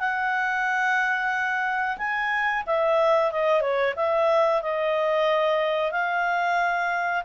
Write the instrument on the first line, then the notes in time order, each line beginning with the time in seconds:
clarinet
0.00 F#5
1.98 G#5
2.67 E5
3.32 D#5
3.61 C#5
3.96 E5
4.62 D#5
5.92 F5